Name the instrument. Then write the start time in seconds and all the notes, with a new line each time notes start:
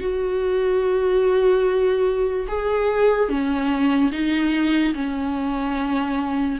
viola
0.00 F#4
2.47 G#4
3.28 C#4
4.11 D#4
4.94 C#4